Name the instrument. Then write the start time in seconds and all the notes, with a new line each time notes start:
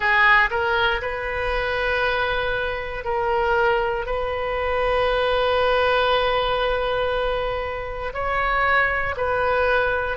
oboe
0.00 G#4
0.50 A#4
1.01 B4
3.04 A#4
4.06 B4
8.13 C#5
9.16 B4